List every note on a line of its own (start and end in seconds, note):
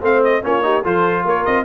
0.00 0.42 A3
0.00 0.42 C4
0.00 0.41 C5
0.00 0.23 F5
0.23 0.44 D#5
0.42 0.84 A#3
0.42 0.62 C#4
0.42 0.63 F4
0.42 0.85 C#5
0.62 0.83 D#4
0.62 0.83 G4
0.83 1.24 F3
0.83 1.65 F4
0.83 1.24 A4
0.83 1.26 C5
1.24 1.44 A#3
1.24 1.65 A#4
1.24 1.45 C#5
1.45 1.65 C4
1.45 1.65 D#5